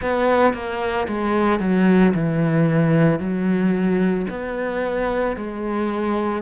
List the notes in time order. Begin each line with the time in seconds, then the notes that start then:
0.01 B3
0.53 A#3
1.07 G#3
1.59 F#3
2.14 E3
3.19 F#3
4.30 B3
5.36 G#3